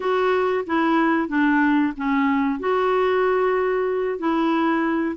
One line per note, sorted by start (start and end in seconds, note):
0.00 0.64 F#4
0.66 1.28 E4
1.28 1.93 D4
1.96 2.59 C#4
2.59 4.18 F#4
4.18 5.15 E4